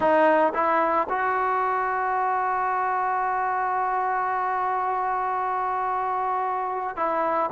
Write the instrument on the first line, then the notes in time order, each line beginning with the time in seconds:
trombone
0.00 D#4
0.54 E4
1.09 F#4
6.96 E4